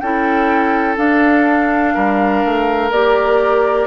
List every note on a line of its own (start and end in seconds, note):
0.00 0.98 C#4
0.00 0.97 E4
0.00 1.94 A4
0.00 0.97 G5
0.97 2.91 D4
0.97 1.95 D4
0.97 2.92 F5
1.94 2.44 G3
1.94 3.87 A#4
2.45 2.91 A3
2.91 3.87 A#3
2.91 3.87 G4
2.91 3.87 D5